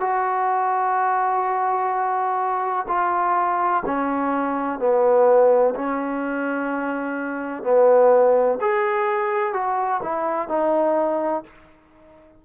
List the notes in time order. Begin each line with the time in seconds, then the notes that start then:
0.00 F#4
2.88 F4
3.85 C#4
4.79 B3
5.75 C#4
7.63 B3
8.61 G#4
9.53 F#4
10.03 E4
10.48 D#4